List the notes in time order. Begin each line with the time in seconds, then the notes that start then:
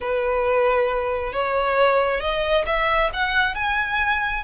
0.01 B4
1.33 C#5
2.20 D#5
2.66 E5
3.13 F#5
3.55 G#5